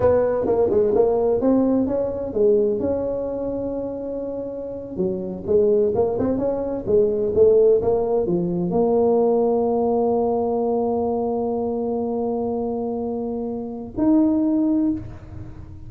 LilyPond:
\new Staff \with { instrumentName = "tuba" } { \time 4/4 \tempo 4 = 129 b4 ais8 gis8 ais4 c'4 | cis'4 gis4 cis'2~ | cis'2~ cis'8. fis4 gis16~ | gis8. ais8 c'8 cis'4 gis4 a16~ |
a8. ais4 f4 ais4~ ais16~ | ais1~ | ais1~ | ais2 dis'2 | }